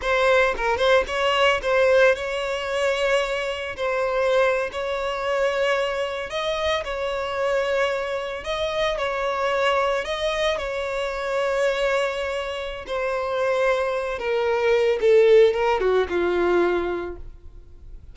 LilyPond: \new Staff \with { instrumentName = "violin" } { \time 4/4 \tempo 4 = 112 c''4 ais'8 c''8 cis''4 c''4 | cis''2. c''4~ | c''8. cis''2. dis''16~ | dis''8. cis''2. dis''16~ |
dis''8. cis''2 dis''4 cis''16~ | cis''1 | c''2~ c''8 ais'4. | a'4 ais'8 fis'8 f'2 | }